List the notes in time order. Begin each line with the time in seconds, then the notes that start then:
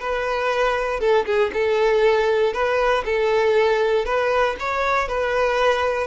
0.00 B4
1.00 A4
1.26 G#4
1.53 A4
2.53 B4
3.05 A4
4.05 B4
4.59 C#5
5.08 B4